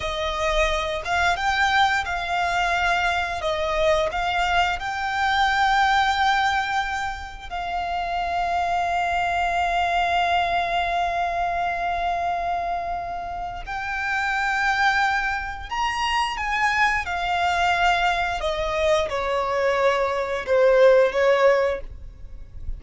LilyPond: \new Staff \with { instrumentName = "violin" } { \time 4/4 \tempo 4 = 88 dis''4. f''8 g''4 f''4~ | f''4 dis''4 f''4 g''4~ | g''2. f''4~ | f''1~ |
f''1 | g''2. ais''4 | gis''4 f''2 dis''4 | cis''2 c''4 cis''4 | }